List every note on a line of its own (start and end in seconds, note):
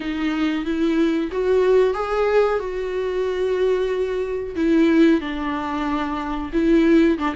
0.00 0.65 D#4
0.65 1.30 E4
1.31 1.94 F#4
1.94 2.59 G#4
2.59 4.55 F#4
4.55 5.20 E4
5.20 6.51 D4
6.52 7.17 E4
7.18 7.34 D4